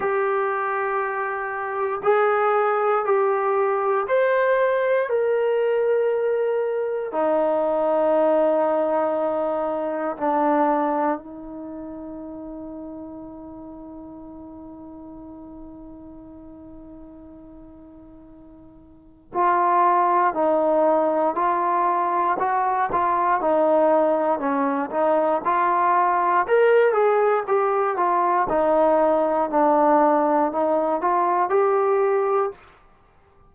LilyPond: \new Staff \with { instrumentName = "trombone" } { \time 4/4 \tempo 4 = 59 g'2 gis'4 g'4 | c''4 ais'2 dis'4~ | dis'2 d'4 dis'4~ | dis'1~ |
dis'2. f'4 | dis'4 f'4 fis'8 f'8 dis'4 | cis'8 dis'8 f'4 ais'8 gis'8 g'8 f'8 | dis'4 d'4 dis'8 f'8 g'4 | }